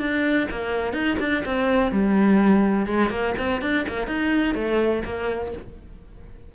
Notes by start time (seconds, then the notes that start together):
0.00 D4
0.51 A#3
0.93 D#4
1.20 D4
1.46 C4
1.92 G3
2.87 G#3
3.10 A#3
3.38 C4
3.62 D4
3.89 A#3
4.08 D#4
4.55 A3
5.05 A#3